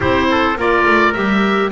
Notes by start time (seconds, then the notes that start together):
0.00 C4 E4 G4 C5
0.30 A4
0.56 A#3 F4 A#4 D5
0.86 A3
1.13 G3 G4 E5